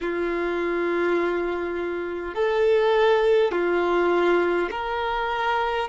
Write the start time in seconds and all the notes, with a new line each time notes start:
0.00 F4
2.35 A4
3.51 F4
4.71 A#4